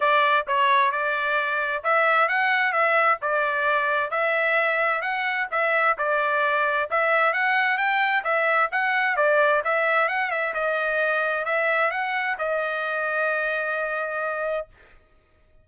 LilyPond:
\new Staff \with { instrumentName = "trumpet" } { \time 4/4 \tempo 4 = 131 d''4 cis''4 d''2 | e''4 fis''4 e''4 d''4~ | d''4 e''2 fis''4 | e''4 d''2 e''4 |
fis''4 g''4 e''4 fis''4 | d''4 e''4 fis''8 e''8 dis''4~ | dis''4 e''4 fis''4 dis''4~ | dis''1 | }